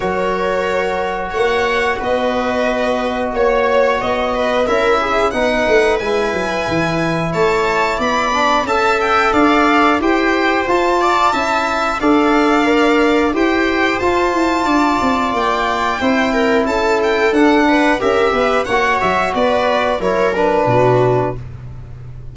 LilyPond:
<<
  \new Staff \with { instrumentName = "violin" } { \time 4/4 \tempo 4 = 90 cis''2 fis''4 dis''4~ | dis''4 cis''4 dis''4 e''4 | fis''4 gis''2 a''4 | b''4 a''8 g''8 f''4 g''4 |
a''2 f''2 | g''4 a''2 g''4~ | g''4 a''8 g''8 fis''4 e''4 | fis''8 e''8 d''4 cis''8 b'4. | }
  \new Staff \with { instrumentName = "viola" } { \time 4/4 ais'2 cis''4 b'4~ | b'4 cis''4. b'8 ais'8 gis'8 | b'2. cis''4 | d''4 e''4 d''4 c''4~ |
c''8 d''8 e''4 d''2 | c''2 d''2 | c''8 ais'8 a'4. b'8 ais'8 b'8 | cis''4 b'4 ais'4 fis'4 | }
  \new Staff \with { instrumentName = "trombone" } { \time 4/4 fis'1~ | fis'2. e'4 | dis'4 e'2.~ | e'8 d'8 a'2 g'4 |
f'4 e'4 a'4 ais'4 | g'4 f'2. | e'2 d'4 g'4 | fis'2 e'8 d'4. | }
  \new Staff \with { instrumentName = "tuba" } { \time 4/4 fis2 ais4 b4~ | b4 ais4 b4 cis'4 | b8 a8 gis8 fis8 e4 a4 | b4 cis'4 d'4 e'4 |
f'4 cis'4 d'2 | e'4 f'8 e'8 d'8 c'8 ais4 | c'4 cis'4 d'4 cis'8 b8 | ais8 fis8 b4 fis4 b,4 | }
>>